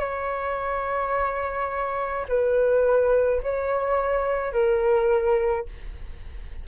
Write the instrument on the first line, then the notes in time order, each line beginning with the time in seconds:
flute
0.00 C#5
2.28 B4
3.42 C#5
4.53 A#4